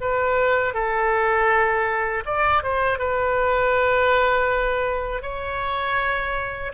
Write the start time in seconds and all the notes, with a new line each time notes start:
0.00 B4
0.73 A4
2.25 D5
2.62 C5
2.98 B4
5.22 C#5